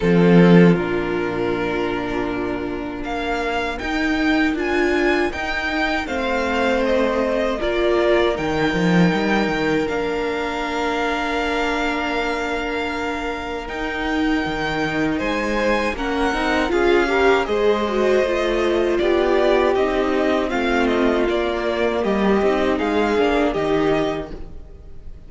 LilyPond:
<<
  \new Staff \with { instrumentName = "violin" } { \time 4/4 \tempo 4 = 79 a'4 ais'2. | f''4 g''4 gis''4 g''4 | f''4 dis''4 d''4 g''4~ | g''4 f''2.~ |
f''2 g''2 | gis''4 fis''4 f''4 dis''4~ | dis''4 d''4 dis''4 f''8 dis''8 | d''4 dis''4 f''4 dis''4 | }
  \new Staff \with { instrumentName = "violin" } { \time 4/4 f'1 | ais'1 | c''2 ais'2~ | ais'1~ |
ais'1 | c''4 ais'4 gis'8 ais'8 c''4~ | c''4 g'2 f'4~ | f'4 g'4 gis'4 g'4 | }
  \new Staff \with { instrumentName = "viola" } { \time 4/4 c'4 d'2.~ | d'4 dis'4 f'4 dis'4 | c'2 f'4 dis'4~ | dis'4 d'2.~ |
d'2 dis'2~ | dis'4 cis'8 dis'8 f'8 g'8 gis'8 fis'8 | f'2 dis'4 c'4 | ais4. dis'4 d'8 dis'4 | }
  \new Staff \with { instrumentName = "cello" } { \time 4/4 f4 ais,2. | ais4 dis'4 d'4 dis'4 | a2 ais4 dis8 f8 | g8 dis8 ais2.~ |
ais2 dis'4 dis4 | gis4 ais8 c'8 cis'4 gis4 | a4 b4 c'4 a4 | ais4 g8 c'8 gis8 ais8 dis4 | }
>>